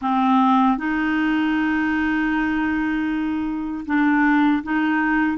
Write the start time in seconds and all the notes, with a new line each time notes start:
0.01 C4
0.77 D#4
3.86 D4
4.63 D#4